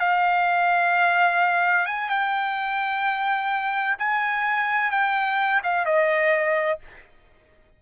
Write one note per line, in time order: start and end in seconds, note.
0.00 1.86 F5
1.86 2.09 G#5
2.09 3.97 G5
3.99 4.91 G#5
4.91 5.62 G5
5.64 5.86 F5
5.86 6.80 D#5